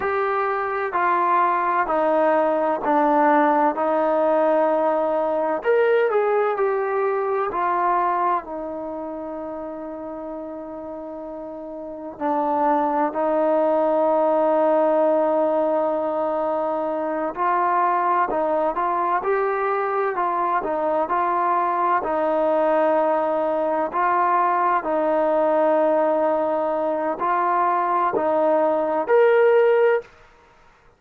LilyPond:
\new Staff \with { instrumentName = "trombone" } { \time 4/4 \tempo 4 = 64 g'4 f'4 dis'4 d'4 | dis'2 ais'8 gis'8 g'4 | f'4 dis'2.~ | dis'4 d'4 dis'2~ |
dis'2~ dis'8 f'4 dis'8 | f'8 g'4 f'8 dis'8 f'4 dis'8~ | dis'4. f'4 dis'4.~ | dis'4 f'4 dis'4 ais'4 | }